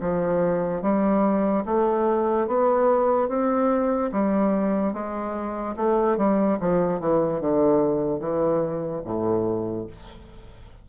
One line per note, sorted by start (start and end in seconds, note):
0.00 0.82 F3
0.82 1.64 G3
1.65 2.47 A3
2.47 3.28 B3
3.28 4.11 C4
4.12 4.93 G3
4.93 5.75 G#3
5.76 6.17 A3
6.17 6.58 G3
6.60 7.00 F3
7.00 7.40 E3
7.40 8.20 D3
8.20 9.02 E3
9.04 9.86 A2